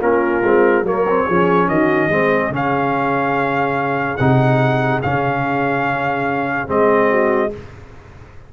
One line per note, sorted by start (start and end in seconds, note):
0.00 0.42 A#3
0.00 0.42 C#4
0.00 0.84 F4
0.00 0.85 A#4
0.43 0.82 G#3
0.43 0.84 C4
0.82 1.24 F#3
0.82 1.05 A#3
0.82 1.25 A#4
0.82 1.68 C#5
1.09 1.29 C4
1.26 1.67 F3
1.26 2.10 C#4
1.26 1.68 G#4
1.67 2.09 D#3
1.67 2.10 F#4
1.67 2.52 D#5
2.09 2.49 G#3
2.09 2.51 C4
2.09 7.09 G#4
2.49 4.16 C#3
2.49 4.18 C#4
2.56 4.17 F5
4.17 5.02 C3
4.17 5.03 D#4
4.17 5.00 F#5
5.02 6.68 C#3
5.02 6.67 C#4
5.02 6.68 F5
6.67 7.52 G#3
6.67 7.50 C4
6.67 7.53 D#5
7.09 7.51 F#4